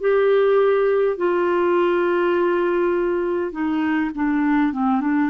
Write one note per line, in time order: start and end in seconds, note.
0.00 1.17 G4
1.17 3.51 F4
3.51 4.10 D#4
4.14 4.72 D4
4.72 5.00 C4
5.00 5.29 D4